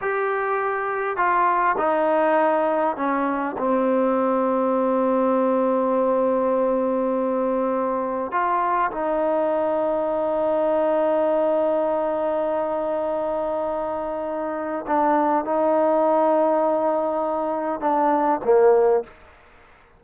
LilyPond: \new Staff \with { instrumentName = "trombone" } { \time 4/4 \tempo 4 = 101 g'2 f'4 dis'4~ | dis'4 cis'4 c'2~ | c'1~ | c'2 f'4 dis'4~ |
dis'1~ | dis'1~ | dis'4 d'4 dis'2~ | dis'2 d'4 ais4 | }